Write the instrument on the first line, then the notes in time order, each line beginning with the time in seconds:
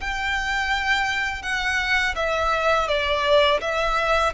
violin
0.00 G5
1.42 F#5
2.15 E5
2.88 D5
3.60 E5